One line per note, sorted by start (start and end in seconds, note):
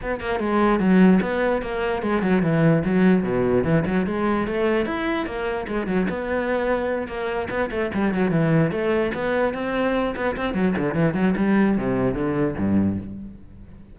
0.01 0.20 B3
0.20 0.39 A#3
0.39 0.79 G#3
0.79 1.20 F#3
1.21 1.62 B3
1.62 2.02 A#3
2.02 2.22 G#3
2.22 2.42 F#3
2.42 2.83 E3
2.84 3.23 F#3
3.23 3.63 B2
3.64 3.84 E3
3.86 4.06 F#3
4.06 4.47 G#3
4.47 4.85 A3
4.85 5.25 E4
5.25 5.66 A#3
5.67 5.87 G#3
5.87 6.07 F#3
6.09 7.07 B3
7.07 7.48 A#3
7.49 7.70 B3
7.70 7.91 A3
7.93 8.14 G3
8.14 8.31 F#3
8.31 8.71 E3
8.71 9.11 A3
9.14 9.54 B3
9.54 10.14 C4
10.16 10.36 B3
10.36 10.54 C4
10.54 10.74 F#3
10.77 10.94 D3
10.94 11.14 E3
11.14 11.34 F#3
11.36 11.77 G3
11.77 12.14 C3
12.14 12.54 D3
12.57 12.97 G2